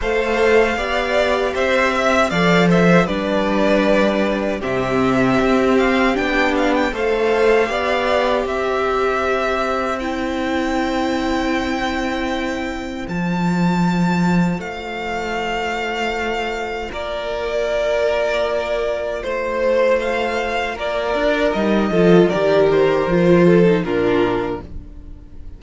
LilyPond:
<<
  \new Staff \with { instrumentName = "violin" } { \time 4/4 \tempo 4 = 78 f''2 e''4 f''8 e''8 | d''2 e''4. f''8 | g''8 f''16 g''16 f''2 e''4~ | e''4 g''2.~ |
g''4 a''2 f''4~ | f''2 d''2~ | d''4 c''4 f''4 d''4 | dis''4 d''8 c''4. ais'4 | }
  \new Staff \with { instrumentName = "violin" } { \time 4/4 c''4 d''4 c''8 e''8 d''8 c''8 | b'2 g'2~ | g'4 c''4 d''4 c''4~ | c''1~ |
c''1~ | c''2 ais'2~ | ais'4 c''2 ais'4~ | ais'8 a'8 ais'4. a'8 f'4 | }
  \new Staff \with { instrumentName = "viola" } { \time 4/4 a'4 g'2 a'4 | d'2 c'2 | d'4 a'4 g'2~ | g'4 e'2.~ |
e'4 f'2.~ | f'1~ | f'1 | dis'8 f'8 g'4 f'8. dis'16 d'4 | }
  \new Staff \with { instrumentName = "cello" } { \time 4/4 a4 b4 c'4 f4 | g2 c4 c'4 | b4 a4 b4 c'4~ | c'1~ |
c'4 f2 a4~ | a2 ais2~ | ais4 a2 ais8 d'8 | g8 f8 dis4 f4 ais,4 | }
>>